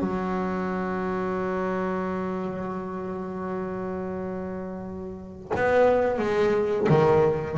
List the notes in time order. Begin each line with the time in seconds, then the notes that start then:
0.00 F#3
5.56 B3
6.19 G#3
6.90 D#3